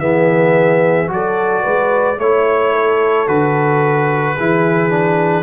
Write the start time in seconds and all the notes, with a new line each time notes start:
0.00 E3 B3 G#4 E5
1.08 F#3 F#4 A4 D5
1.63 G#3 B4
2.19 A3 E4 C#5
2.73 A4
3.27 D3 F#4 B4
4.35 E3 E4 G#4
4.90 D4